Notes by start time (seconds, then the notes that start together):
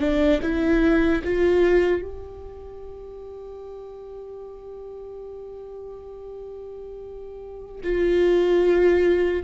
0.00 D4
0.43 E4
1.25 F4
2.02 G4
7.84 F4